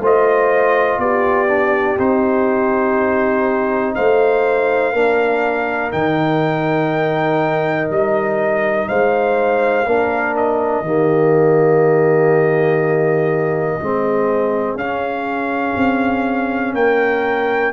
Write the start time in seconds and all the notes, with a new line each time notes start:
0.00 A3 F4 C5 D#5
0.98 B3 G4 D5
1.48 D4
1.99 C4 D#4 C5
3.95 A3 C5 F5
4.93 A#3 D4 A#4
5.91 D#3 D#4 G5
7.90 G3 D#5
8.89 G#3 C5 F5
9.86 A#3 D4 A#4
10.36 D#5
10.81 D#3 A#3 G4
13.80 G#3 C4 G#4
14.75 C#4 F5
15.76 C4
16.74 A#3 A#4 G5